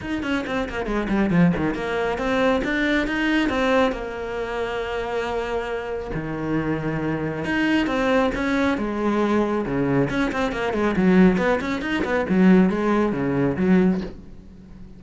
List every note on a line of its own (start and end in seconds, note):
0.01 0.22 D#4
0.22 0.44 C#4
0.47 0.68 C4
0.69 0.85 A#3
0.85 1.07 G#3
1.08 1.30 G3
1.30 1.52 F3
1.56 1.74 D#3
1.74 2.18 A#3
2.18 2.61 C4
2.64 3.07 D4
3.07 3.49 D#4
3.49 3.91 C4
3.91 6.10 A#3
6.14 7.44 D#3
7.44 7.86 D#4
7.86 8.30 C4
8.34 8.77 C#4
8.77 9.65 G#3
9.65 10.09 C#3
10.09 10.31 C#4
10.31 10.52 C4
10.52 10.73 A#3
10.73 10.95 G#3
10.96 11.37 F#3
11.37 11.59 B3
11.61 11.81 C#4
11.81 12.03 D#4
12.04 12.26 B3
12.29 12.69 F#3
12.69 13.12 G#3
13.12 13.56 C#3
13.56 14.00 F#3